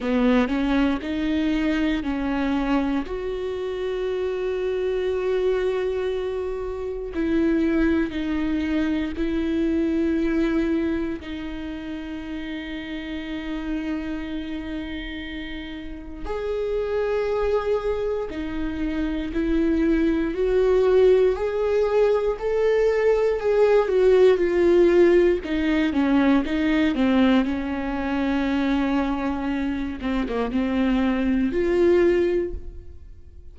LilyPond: \new Staff \with { instrumentName = "viola" } { \time 4/4 \tempo 4 = 59 b8 cis'8 dis'4 cis'4 fis'4~ | fis'2. e'4 | dis'4 e'2 dis'4~ | dis'1 |
gis'2 dis'4 e'4 | fis'4 gis'4 a'4 gis'8 fis'8 | f'4 dis'8 cis'8 dis'8 c'8 cis'4~ | cis'4. c'16 ais16 c'4 f'4 | }